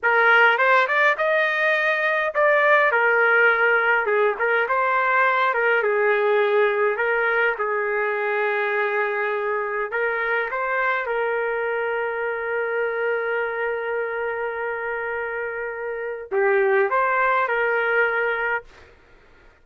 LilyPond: \new Staff \with { instrumentName = "trumpet" } { \time 4/4 \tempo 4 = 103 ais'4 c''8 d''8 dis''2 | d''4 ais'2 gis'8 ais'8 | c''4. ais'8 gis'2 | ais'4 gis'2.~ |
gis'4 ais'4 c''4 ais'4~ | ais'1~ | ais'1 | g'4 c''4 ais'2 | }